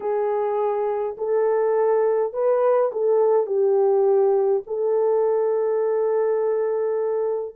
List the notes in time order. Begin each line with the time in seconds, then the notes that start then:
0.00 G#4
1.17 A4
2.33 B4
2.92 A4
3.46 G4
4.66 A4